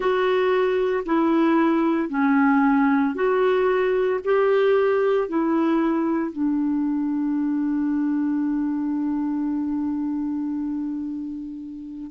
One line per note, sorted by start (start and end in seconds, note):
0.00 1.03 F#4
1.05 2.09 E4
2.09 3.14 C#4
3.14 4.20 F#4
4.24 5.28 G4
5.28 6.32 E4
6.32 12.11 D4